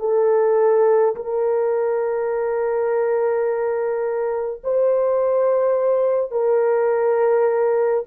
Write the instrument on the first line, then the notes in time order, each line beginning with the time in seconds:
horn
0.00 A4
1.16 A#4
4.64 C5
6.31 A#4